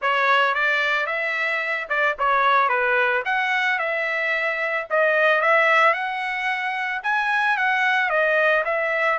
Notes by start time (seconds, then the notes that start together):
0.01 C#5
0.54 D5
1.06 E5
1.89 D5
2.18 C#5
2.68 B4
3.25 F#5
3.78 E5
4.90 D#5
5.41 E5
5.93 F#5
7.03 G#5
7.57 F#5
8.09 D#5
8.65 E5